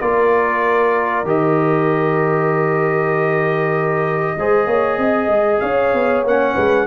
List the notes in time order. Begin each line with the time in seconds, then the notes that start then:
0.00 A#3 F4 A#4 D5
1.23 D#3 G4 D#5
4.36 G#3 G#4 C5
4.66 A#3 C#5
4.97 C4 D#5
5.27 G#3
5.59 C#4 C#5 F5
5.93 B3
6.23 A#3 C#4 F#5
6.54 G#3 B4